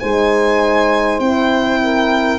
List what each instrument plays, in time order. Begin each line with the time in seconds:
0.00 tuba G#3, horn D#4, saxophone C5, violin G#5
1.19 tuba C4, horn E4, violin G5
1.81 saxophone A#4